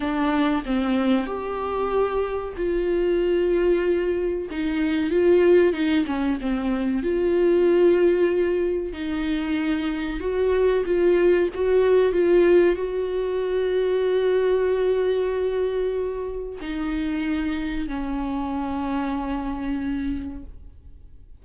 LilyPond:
\new Staff \with { instrumentName = "viola" } { \time 4/4 \tempo 4 = 94 d'4 c'4 g'2 | f'2. dis'4 | f'4 dis'8 cis'8 c'4 f'4~ | f'2 dis'2 |
fis'4 f'4 fis'4 f'4 | fis'1~ | fis'2 dis'2 | cis'1 | }